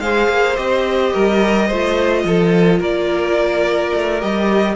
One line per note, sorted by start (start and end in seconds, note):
0.00 0.28 G#3
0.00 0.56 G#4
0.00 1.13 C5
0.00 0.56 F5
0.29 0.57 A#3
0.56 1.14 C4
0.56 1.69 G4
0.56 2.80 D#5
1.13 1.70 G3
1.13 1.67 A#4
1.67 2.24 A3
1.67 4.20 F4
1.67 2.23 C5
2.24 2.80 F3
2.24 2.79 A4
2.79 3.92 A#3
2.79 4.75 A#4
2.79 4.21 D5
3.95 4.23 A3
4.20 4.76 G3
4.20 4.76 G4
4.20 4.76 D#5